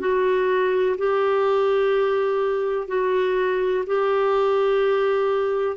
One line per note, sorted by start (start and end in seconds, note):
0.00 0.97 F#4
0.98 2.88 G4
2.88 3.85 F#4
3.87 5.77 G4